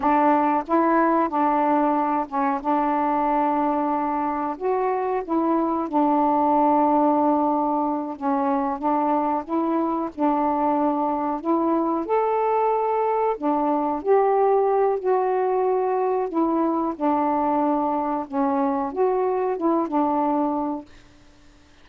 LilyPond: \new Staff \with { instrumentName = "saxophone" } { \time 4/4 \tempo 4 = 92 d'4 e'4 d'4. cis'8 | d'2. fis'4 | e'4 d'2.~ | d'8 cis'4 d'4 e'4 d'8~ |
d'4. e'4 a'4.~ | a'8 d'4 g'4. fis'4~ | fis'4 e'4 d'2 | cis'4 fis'4 e'8 d'4. | }